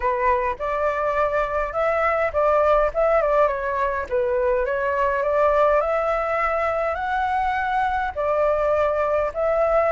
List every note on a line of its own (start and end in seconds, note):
0.00 0.56 B4
0.58 1.73 D5
1.73 2.31 E5
2.32 2.90 D5
2.94 3.21 E5
3.21 3.47 D5
3.47 4.05 C#5
4.09 4.65 B4
4.65 5.22 C#5
5.22 5.80 D5
5.80 6.95 E5
6.95 8.11 F#5
8.15 9.31 D5
9.34 9.92 E5